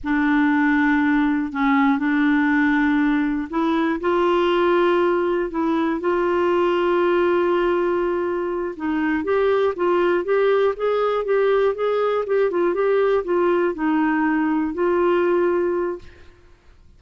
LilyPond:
\new Staff \with { instrumentName = "clarinet" } { \time 4/4 \tempo 4 = 120 d'2. cis'4 | d'2. e'4 | f'2. e'4 | f'1~ |
f'4. dis'4 g'4 f'8~ | f'8 g'4 gis'4 g'4 gis'8~ | gis'8 g'8 f'8 g'4 f'4 dis'8~ | dis'4. f'2~ f'8 | }